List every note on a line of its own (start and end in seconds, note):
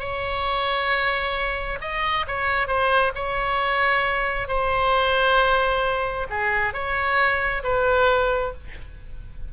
0.00 1.79 C#5
1.82 2.27 D#5
2.28 2.68 C#5
2.68 3.13 C5
3.15 4.49 C#5
4.49 6.28 C5
6.30 6.74 G#4
6.74 7.63 C#5
7.64 8.53 B4